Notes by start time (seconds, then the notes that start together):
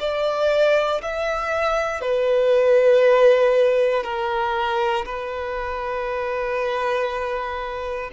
0.00 D5
1.03 E5
2.02 B4
4.04 A#4
5.06 B4